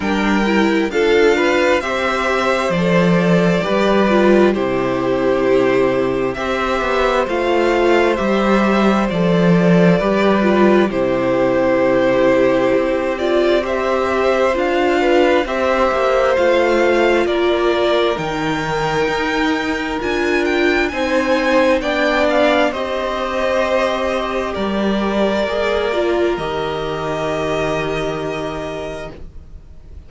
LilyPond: <<
  \new Staff \with { instrumentName = "violin" } { \time 4/4 \tempo 4 = 66 g''4 f''4 e''4 d''4~ | d''4 c''2 e''4 | f''4 e''4 d''2 | c''2~ c''8 d''8 e''4 |
f''4 e''4 f''4 d''4 | g''2 gis''8 g''8 gis''4 | g''8 f''8 dis''2 d''4~ | d''4 dis''2. | }
  \new Staff \with { instrumentName = "violin" } { \time 4/4 ais'4 a'8 b'8 c''2 | b'4 g'2 c''4~ | c''2. b'4 | g'2. c''4~ |
c''8 b'8 c''2 ais'4~ | ais'2. c''4 | d''4 c''2 ais'4~ | ais'1 | }
  \new Staff \with { instrumentName = "viola" } { \time 4/4 d'8 e'8 f'4 g'4 a'4 | g'8 f'8 e'2 g'4 | f'4 g'4 a'4 g'8 f'8 | e'2~ e'8 f'8 g'4 |
f'4 g'4 f'2 | dis'2 f'4 dis'4 | d'4 g'2. | gis'8 f'8 g'2. | }
  \new Staff \with { instrumentName = "cello" } { \time 4/4 g4 d'4 c'4 f4 | g4 c2 c'8 b8 | a4 g4 f4 g4 | c2 c'2 |
d'4 c'8 ais8 a4 ais4 | dis4 dis'4 d'4 c'4 | b4 c'2 g4 | ais4 dis2. | }
>>